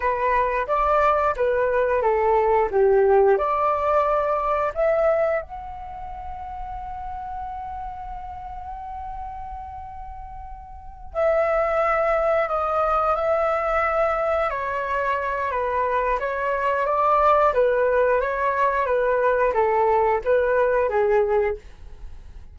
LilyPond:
\new Staff \with { instrumentName = "flute" } { \time 4/4 \tempo 4 = 89 b'4 d''4 b'4 a'4 | g'4 d''2 e''4 | fis''1~ | fis''1~ |
fis''8 e''2 dis''4 e''8~ | e''4. cis''4. b'4 | cis''4 d''4 b'4 cis''4 | b'4 a'4 b'4 gis'4 | }